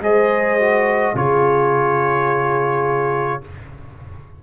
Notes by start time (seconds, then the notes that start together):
0.00 G#3 G#4 C5 D#5
0.59 F#4
1.15 C#3 F4 G#4 C#5